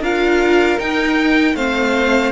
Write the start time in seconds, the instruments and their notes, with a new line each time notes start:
0.00 cello D4, viola F4, violin A#4 F5
0.79 viola D#4, cello D#4, violin G5
1.55 cello A3, viola C4, violin C5 F5